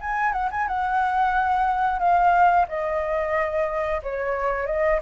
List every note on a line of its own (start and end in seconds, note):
0.00 0.32 G#5
0.32 0.48 F#5
0.51 0.67 G#5
0.67 1.99 F#5
1.99 2.65 F5
2.68 4.02 D#5
4.02 4.66 C#5
4.66 4.99 D#5